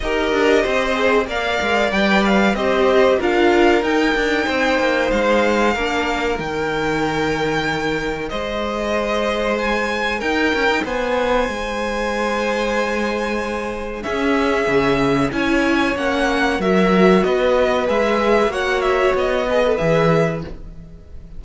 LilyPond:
<<
  \new Staff \with { instrumentName = "violin" } { \time 4/4 \tempo 4 = 94 dis''2 f''4 g''8 f''8 | dis''4 f''4 g''2 | f''2 g''2~ | g''4 dis''2 gis''4 |
g''4 gis''2.~ | gis''2 e''2 | gis''4 fis''4 e''4 dis''4 | e''4 fis''8 e''8 dis''4 e''4 | }
  \new Staff \with { instrumentName = "violin" } { \time 4/4 ais'4 c''4 d''2 | c''4 ais'2 c''4~ | c''4 ais'2.~ | ais'4 c''2. |
ais'4 c''2.~ | c''2 gis'2 | cis''2 ais'4 b'4~ | b'4 cis''4. b'4. | }
  \new Staff \with { instrumentName = "viola" } { \time 4/4 g'4. gis'8 ais'4 b'4 | g'4 f'4 dis'2~ | dis'4 d'4 dis'2~ | dis'1~ |
dis'1~ | dis'2 cis'2 | e'4 cis'4 fis'2 | gis'4 fis'4. gis'16 a'16 gis'4 | }
  \new Staff \with { instrumentName = "cello" } { \time 4/4 dis'8 d'8 c'4 ais8 gis8 g4 | c'4 d'4 dis'8 d'8 c'8 ais8 | gis4 ais4 dis2~ | dis4 gis2. |
dis'8 cis'16 dis'16 b4 gis2~ | gis2 cis'4 cis4 | cis'4 ais4 fis4 b4 | gis4 ais4 b4 e4 | }
>>